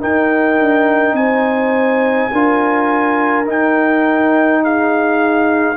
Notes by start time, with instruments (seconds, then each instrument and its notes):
0.00 trombone D#4, tuba D#4, horn A#4, trumpet G5
0.59 tuba D4
1.12 tuba C4, horn C5, trumpet G#5
2.31 tuba D4, trombone F4, horn A#4
3.44 trombone D#4, tuba D#4, trumpet G5
4.63 horn G#4, trumpet F5